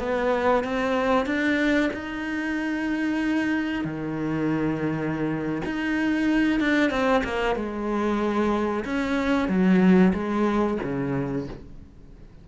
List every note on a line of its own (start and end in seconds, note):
0.00 0.65 B3
0.65 1.26 C4
1.26 1.91 D4
1.94 3.85 D#4
3.85 5.62 D#3
5.66 6.60 D#4
6.60 6.91 D4
6.91 7.23 C4
7.24 7.56 A#3
7.56 8.85 G#3
8.85 9.49 C#4
9.49 10.13 F#3
10.14 10.79 G#3
10.84 11.48 C#3